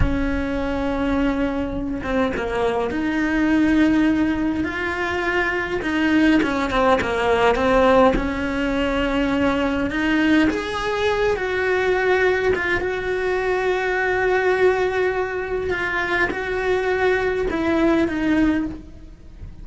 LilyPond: \new Staff \with { instrumentName = "cello" } { \time 4/4 \tempo 4 = 103 cis'2.~ cis'8 c'8 | ais4 dis'2. | f'2 dis'4 cis'8 c'8 | ais4 c'4 cis'2~ |
cis'4 dis'4 gis'4. fis'8~ | fis'4. f'8 fis'2~ | fis'2. f'4 | fis'2 e'4 dis'4 | }